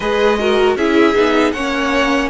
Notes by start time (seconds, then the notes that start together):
0.00 G#3 G#4 B4 D#5
0.39 F#4 A#4
0.75 C#4 E4 G#4 E5
1.14 B3 D#4
1.52 A#3 C#4 C#5 F#5